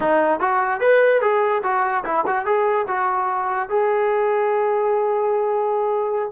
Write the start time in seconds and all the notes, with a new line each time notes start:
0.00 D#4
0.40 F#4
0.80 B4
1.21 G#4
1.63 F#4
2.04 E4
2.26 F#4
2.45 G#4
2.87 F#4
3.69 G#4